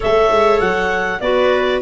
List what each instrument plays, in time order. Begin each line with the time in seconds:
0.00 tuba A3, clarinet A4 E5, viola C#5
0.31 tuba G#3
0.60 tuba F#3, clarinet F#5
1.20 tuba B3, clarinet F#4 D5, viola B4